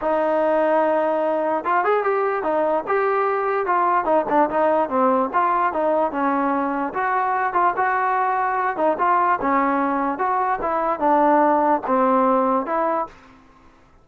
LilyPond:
\new Staff \with { instrumentName = "trombone" } { \time 4/4 \tempo 4 = 147 dis'1 | f'8 gis'8 g'4 dis'4 g'4~ | g'4 f'4 dis'8 d'8 dis'4 | c'4 f'4 dis'4 cis'4~ |
cis'4 fis'4. f'8 fis'4~ | fis'4. dis'8 f'4 cis'4~ | cis'4 fis'4 e'4 d'4~ | d'4 c'2 e'4 | }